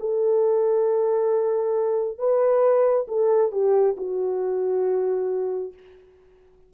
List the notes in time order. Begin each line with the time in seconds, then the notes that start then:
0.00 A4
2.19 B4
3.08 A4
3.52 G4
3.97 F#4